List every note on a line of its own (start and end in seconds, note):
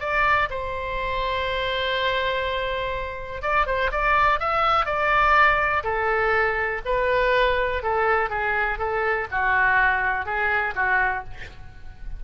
0.00 0.49 D5
0.50 3.42 C5
3.42 3.66 D5
3.67 3.91 C5
3.92 4.39 D5
4.39 4.86 E5
4.86 5.83 D5
5.84 6.81 A4
6.85 7.83 B4
7.83 8.29 A4
8.29 8.78 G#4
8.78 9.27 A4
9.31 10.25 F#4
10.25 10.74 G#4
10.75 11.24 F#4